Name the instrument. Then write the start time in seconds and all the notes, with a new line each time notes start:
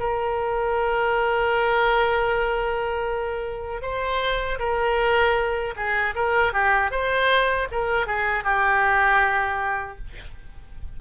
oboe
0.00 A#4
3.82 C5
4.59 A#4
5.77 G#4
6.15 A#4
6.53 G4
6.91 C5
7.72 A#4
8.07 G#4
8.44 G4